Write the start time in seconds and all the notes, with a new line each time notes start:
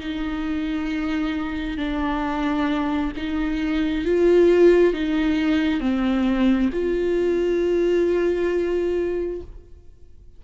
0.00 D#4
1.77 D4
3.17 D#4
4.05 F4
4.93 D#4
5.80 C4
6.73 F4